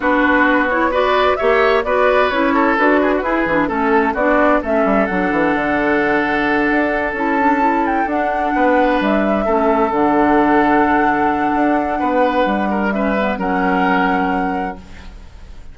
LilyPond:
<<
  \new Staff \with { instrumentName = "flute" } { \time 4/4 \tempo 4 = 130 b'4. cis''8 d''4 e''4 | d''4 cis''4 b'2 | a'4 d''4 e''4 fis''4~ | fis''2.~ fis''8 a''8~ |
a''4 g''8 fis''2 e''8~ | e''4. fis''2~ fis''8~ | fis''1 | e''4 fis''2. | }
  \new Staff \with { instrumentName = "oboe" } { \time 4/4 fis'2 b'4 cis''4 | b'4. a'4 gis'16 fis'16 gis'4 | a'4 fis'4 a'2~ | a'1~ |
a'2~ a'8 b'4.~ | b'8 a'2.~ a'8~ | a'2 b'4. ais'8 | b'4 ais'2. | }
  \new Staff \with { instrumentName = "clarinet" } { \time 4/4 d'4. e'8 fis'4 g'4 | fis'4 e'4 fis'4 e'8 d'8 | cis'4 d'4 cis'4 d'4~ | d'2.~ d'8 e'8 |
d'8 e'4 d'2~ d'8~ | d'8 cis'4 d'2~ d'8~ | d'1 | cis'8 b8 cis'2. | }
  \new Staff \with { instrumentName = "bassoon" } { \time 4/4 b2. ais4 | b4 cis'4 d'4 e'8 e8 | a4 b4 a8 g8 fis8 e8 | d2~ d8 d'4 cis'8~ |
cis'4. d'4 b4 g8~ | g8 a4 d2~ d8~ | d4 d'4 b4 g4~ | g4 fis2. | }
>>